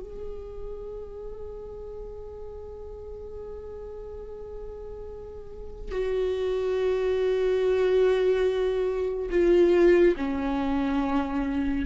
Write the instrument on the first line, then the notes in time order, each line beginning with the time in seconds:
viola
0.00 G#4
5.91 F#4
9.30 F4
10.17 C#4